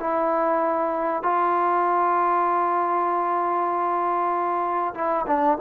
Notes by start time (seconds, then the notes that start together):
0.00 E4
1.23 F4
4.95 E4
5.27 D4